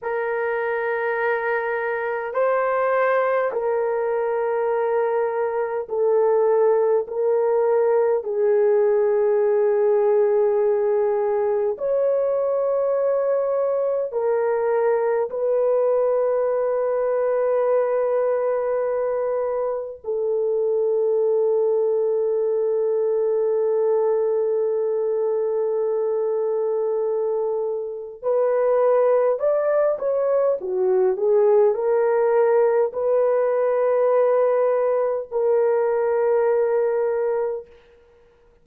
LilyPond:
\new Staff \with { instrumentName = "horn" } { \time 4/4 \tempo 4 = 51 ais'2 c''4 ais'4~ | ais'4 a'4 ais'4 gis'4~ | gis'2 cis''2 | ais'4 b'2.~ |
b'4 a'2.~ | a'1 | b'4 d''8 cis''8 fis'8 gis'8 ais'4 | b'2 ais'2 | }